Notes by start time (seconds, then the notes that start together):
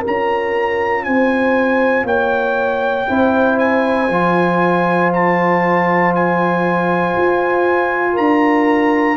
0.00 F4 A#4
0.07 C#4 A#5
1.04 C4 C5 G#5
2.04 A#3 C#5 G5
3.06 C4 E4 C5
3.59 G#5
4.09 F3 F4
5.13 A5
6.15 G#5
7.17 F4
8.13 D4 A#4 A#5